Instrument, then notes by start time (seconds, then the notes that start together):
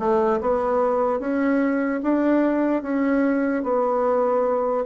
bassoon
0.00 A3
0.42 B3
1.21 C#4
2.03 D4
2.83 C#4
3.64 B3